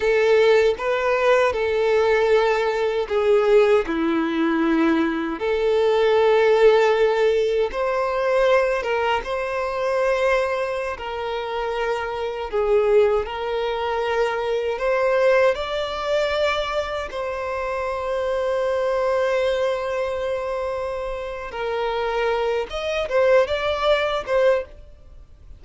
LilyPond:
\new Staff \with { instrumentName = "violin" } { \time 4/4 \tempo 4 = 78 a'4 b'4 a'2 | gis'4 e'2 a'4~ | a'2 c''4. ais'8 | c''2~ c''16 ais'4.~ ais'16~ |
ais'16 gis'4 ais'2 c''8.~ | c''16 d''2 c''4.~ c''16~ | c''1 | ais'4. dis''8 c''8 d''4 c''8 | }